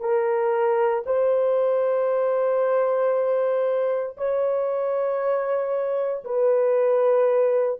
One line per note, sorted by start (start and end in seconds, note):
0.00 1.03 A#4
1.06 4.16 C5
4.17 6.24 C#5
6.24 7.79 B4